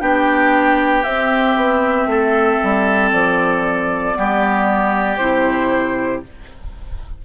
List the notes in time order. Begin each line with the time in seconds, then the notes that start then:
0.00 B3 D4 G4 G5
1.04 C4 E5
1.56 B3
2.07 A3 A4
2.64 G3
3.13 F3 D5
4.15 G3 B3 G4
5.17 C3 E4 C5